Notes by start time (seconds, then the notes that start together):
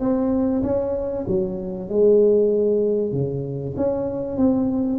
0.00 C4
0.63 C#4
1.28 F#3
1.89 G#3
3.12 C#3
3.77 C#4
4.37 C4